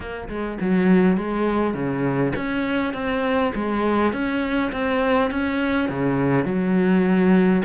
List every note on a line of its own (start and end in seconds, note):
0.00 0.28 A#3
0.28 0.58 G#3
0.60 1.17 F#3
1.17 1.74 G#3
1.74 2.32 C#3
2.35 2.93 C#4
2.93 3.52 C4
3.54 4.12 G#3
4.12 4.71 C#4
4.72 5.30 C4
5.30 5.89 C#4
5.89 6.44 C#3
6.44 7.62 F#3